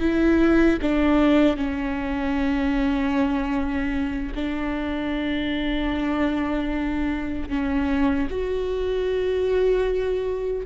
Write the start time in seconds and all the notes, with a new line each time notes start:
0.00 E4
0.83 D4
1.57 C#4
4.36 D4
7.49 C#4
8.31 F#4